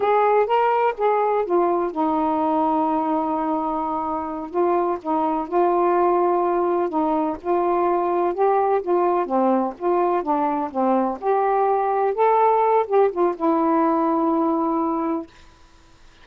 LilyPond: \new Staff \with { instrumentName = "saxophone" } { \time 4/4 \tempo 4 = 126 gis'4 ais'4 gis'4 f'4 | dis'1~ | dis'4. f'4 dis'4 f'8~ | f'2~ f'8 dis'4 f'8~ |
f'4. g'4 f'4 c'8~ | c'8 f'4 d'4 c'4 g'8~ | g'4. a'4. g'8 f'8 | e'1 | }